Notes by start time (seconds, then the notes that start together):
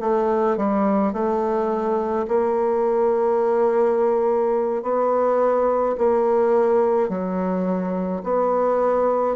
0.00 A3
0.57 G3
1.13 A3
2.28 A#3
4.83 B3
5.98 A#3
7.09 F#3
8.23 B3